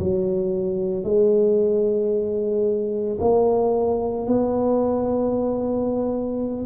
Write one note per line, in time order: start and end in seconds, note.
0.00 1.04 F#3
1.04 3.19 G#3
3.21 4.27 A#3
4.27 6.67 B3